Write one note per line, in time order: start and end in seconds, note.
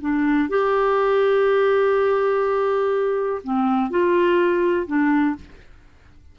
0.00 0.49 D4
0.49 3.41 G4
3.43 3.90 C4
3.90 4.86 F4
4.86 5.35 D4